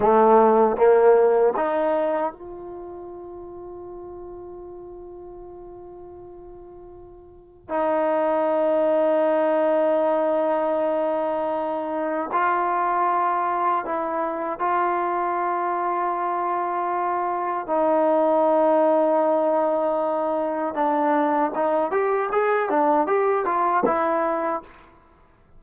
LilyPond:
\new Staff \with { instrumentName = "trombone" } { \time 4/4 \tempo 4 = 78 a4 ais4 dis'4 f'4~ | f'1~ | f'2 dis'2~ | dis'1 |
f'2 e'4 f'4~ | f'2. dis'4~ | dis'2. d'4 | dis'8 g'8 gis'8 d'8 g'8 f'8 e'4 | }